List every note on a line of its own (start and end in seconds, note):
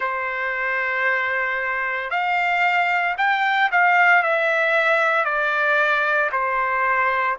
0.00 2.10 C5
2.10 3.15 F5
3.17 3.70 G5
3.71 4.22 F5
4.22 5.24 E5
5.24 6.30 D5
6.32 7.37 C5